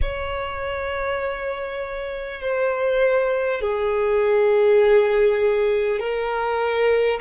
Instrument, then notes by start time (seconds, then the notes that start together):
violin
0.01 C#5
2.41 C5
3.61 G#4
5.99 A#4